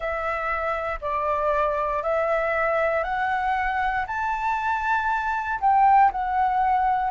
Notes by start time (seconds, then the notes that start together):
0.00 E5
1.01 D5
2.02 E5
3.03 F#5
4.07 A5
5.60 G5
6.11 F#5